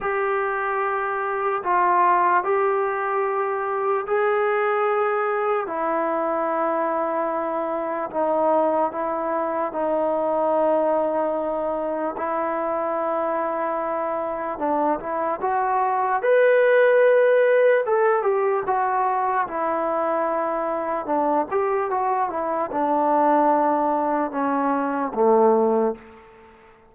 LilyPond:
\new Staff \with { instrumentName = "trombone" } { \time 4/4 \tempo 4 = 74 g'2 f'4 g'4~ | g'4 gis'2 e'4~ | e'2 dis'4 e'4 | dis'2. e'4~ |
e'2 d'8 e'8 fis'4 | b'2 a'8 g'8 fis'4 | e'2 d'8 g'8 fis'8 e'8 | d'2 cis'4 a4 | }